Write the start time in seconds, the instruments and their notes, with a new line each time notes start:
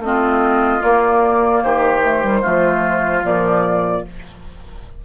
0.00 bassoon A3, clarinet C4, flute D#5
0.06 oboe F4
0.80 clarinet A#3, bassoon A#3, flute D5
1.64 bassoon D#3, oboe G4, flute C5
2.03 clarinet A3
2.23 clarinet G3
2.42 bassoon F3, clarinet A3, oboe F4
3.21 bassoon A#2, clarinet F3, flute D5